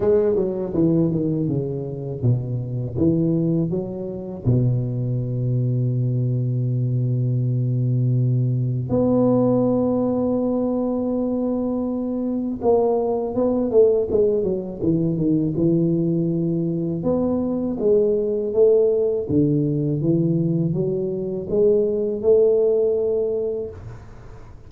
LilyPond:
\new Staff \with { instrumentName = "tuba" } { \time 4/4 \tempo 4 = 81 gis8 fis8 e8 dis8 cis4 b,4 | e4 fis4 b,2~ | b,1 | b1~ |
b4 ais4 b8 a8 gis8 fis8 | e8 dis8 e2 b4 | gis4 a4 d4 e4 | fis4 gis4 a2 | }